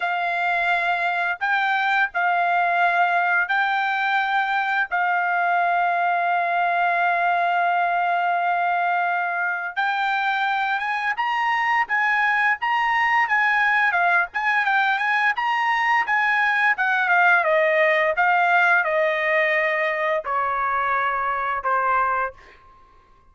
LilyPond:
\new Staff \with { instrumentName = "trumpet" } { \time 4/4 \tempo 4 = 86 f''2 g''4 f''4~ | f''4 g''2 f''4~ | f''1~ | f''2 g''4. gis''8 |
ais''4 gis''4 ais''4 gis''4 | f''8 gis''8 g''8 gis''8 ais''4 gis''4 | fis''8 f''8 dis''4 f''4 dis''4~ | dis''4 cis''2 c''4 | }